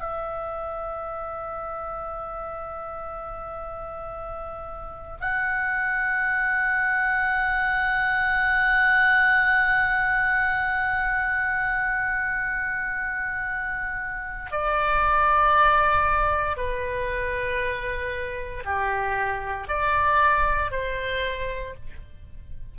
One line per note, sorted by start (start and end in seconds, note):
0.00 5.17 E5
5.20 14.51 F#5
14.51 16.57 D5
16.57 18.64 B4
18.65 19.68 G4
19.68 20.71 D5
20.71 21.75 C5